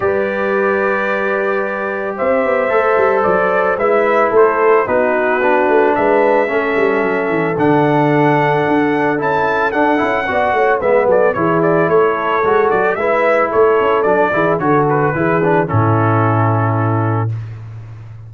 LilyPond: <<
  \new Staff \with { instrumentName = "trumpet" } { \time 4/4 \tempo 4 = 111 d''1 | e''2 d''4 e''4 | c''4 b'2 e''4~ | e''2 fis''2~ |
fis''4 a''4 fis''2 | e''8 d''8 cis''8 d''8 cis''4. d''8 | e''4 cis''4 d''4 cis''8 b'8~ | b'4 a'2. | }
  \new Staff \with { instrumentName = "horn" } { \time 4/4 b'1 | c''2. b'4 | a'4 fis'2 b'4 | a'1~ |
a'2. d''8 cis''8 | b'8 a'8 gis'4 a'2 | b'4 a'4. gis'8 a'4 | gis'4 e'2. | }
  \new Staff \with { instrumentName = "trombone" } { \time 4/4 g'1~ | g'4 a'2 e'4~ | e'4 dis'4 d'2 | cis'2 d'2~ |
d'4 e'4 d'8 e'8 fis'4 | b4 e'2 fis'4 | e'2 d'8 e'8 fis'4 | e'8 d'8 cis'2. | }
  \new Staff \with { instrumentName = "tuba" } { \time 4/4 g1 | c'8 b8 a8 g8 fis4 gis4 | a4 b4. a8 gis4 | a8 g8 fis8 e8 d2 |
d'4 cis'4 d'8 cis'8 b8 a8 | gis8 fis8 e4 a4 gis8 fis8 | gis4 a8 cis'8 fis8 e8 d4 | e4 a,2. | }
>>